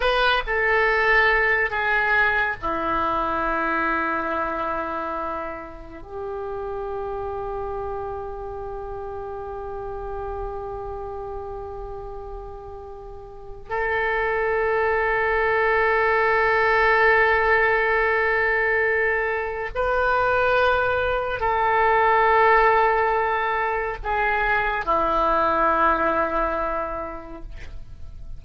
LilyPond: \new Staff \with { instrumentName = "oboe" } { \time 4/4 \tempo 4 = 70 b'8 a'4. gis'4 e'4~ | e'2. g'4~ | g'1~ | g'1 |
a'1~ | a'2. b'4~ | b'4 a'2. | gis'4 e'2. | }